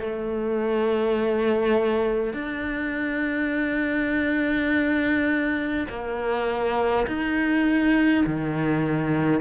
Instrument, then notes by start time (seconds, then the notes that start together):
cello
0.00 A3
2.34 D4
5.89 A#3
7.07 D#4
8.27 D#3